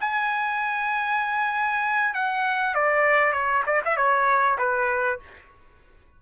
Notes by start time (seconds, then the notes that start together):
0.00 G#5
2.14 F#5
2.75 D5
3.32 C#5
3.66 D5
3.85 E5
3.96 C#5
4.58 B4